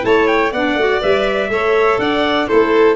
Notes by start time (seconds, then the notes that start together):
0.00 A3 E4 C#5 A5
0.27 G5
0.52 B3 D4 D5 F#5
0.75 A3 F#4
1.01 G3 B4 E5
1.49 A3 A4 C#5
1.98 D4 D5 F#5
2.48 A3 E4 A4 C5